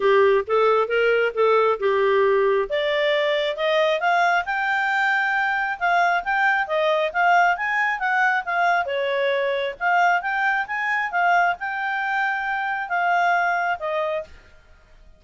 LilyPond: \new Staff \with { instrumentName = "clarinet" } { \time 4/4 \tempo 4 = 135 g'4 a'4 ais'4 a'4 | g'2 d''2 | dis''4 f''4 g''2~ | g''4 f''4 g''4 dis''4 |
f''4 gis''4 fis''4 f''4 | cis''2 f''4 g''4 | gis''4 f''4 g''2~ | g''4 f''2 dis''4 | }